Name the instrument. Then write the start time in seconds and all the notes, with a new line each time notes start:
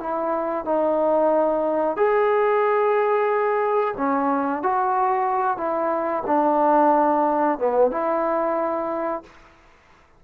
trombone
0.00 E4
0.65 D#4
1.97 G#4
3.97 C#4
4.63 F#4
5.57 E4
6.27 D4
7.59 B3
7.91 E4